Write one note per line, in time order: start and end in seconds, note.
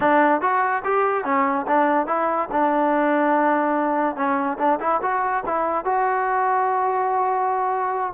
0.00 0.41 D4
0.41 0.82 F#4
0.84 1.24 G4
1.24 1.66 C#4
1.67 2.07 D4
2.07 2.48 E4
2.51 4.16 D4
4.16 4.57 C#4
4.58 4.79 D4
4.79 5.00 E4
5.02 5.43 F#4
5.46 5.84 E4
5.84 8.13 F#4